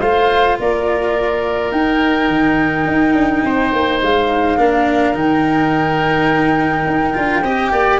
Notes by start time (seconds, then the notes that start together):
0.00 A3 F4 C5 F5
0.59 A#3 A#4 D5
1.71 D#4 G5
2.28 D#3
2.85 D#4
3.14 D4
3.44 C4 C5
3.72 A#3
4.02 G#3 F5
4.57 A#3 D4 A#4
5.14 D#3 D#4 G5
6.87 D#4
7.14 D4 F4
7.43 C4 G4 D#5
7.72 A#3 D5